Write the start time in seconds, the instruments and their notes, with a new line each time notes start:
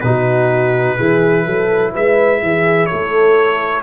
0.00 tuba B2, trombone D#4, horn F#4, trumpet B4
0.96 tuba E3, trombone E4, horn G#4
1.44 tuba F#3, horn A4
1.92 tuba G#3, horn B4, trumpet E5
2.41 tuba E3, horn G#4
2.86 horn A4, trumpet C#5
2.92 tuba A3